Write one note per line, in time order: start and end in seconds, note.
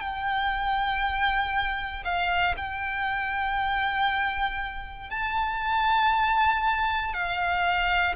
0.00 2.03 G5
2.04 2.55 F5
2.57 5.10 G5
5.10 7.13 A5
7.13 8.15 F5